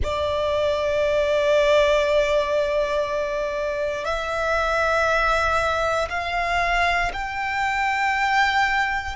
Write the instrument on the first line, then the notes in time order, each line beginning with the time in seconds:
violin
0.03 D5
4.04 E5
6.09 F5
7.13 G5